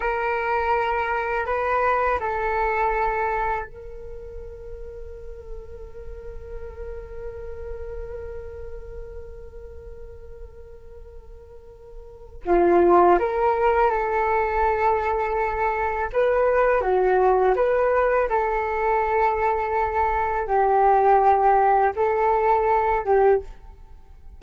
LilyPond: \new Staff \with { instrumentName = "flute" } { \time 4/4 \tempo 4 = 82 ais'2 b'4 a'4~ | a'4 ais'2.~ | ais'1~ | ais'1~ |
ais'4 f'4 ais'4 a'4~ | a'2 b'4 fis'4 | b'4 a'2. | g'2 a'4. g'8 | }